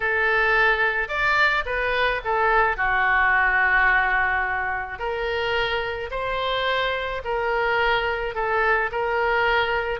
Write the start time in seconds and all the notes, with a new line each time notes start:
0.00 A4
1.08 D5
1.65 B4
2.24 A4
2.76 F#4
4.98 A#4
6.10 C5
7.24 A#4
8.34 A4
8.91 A#4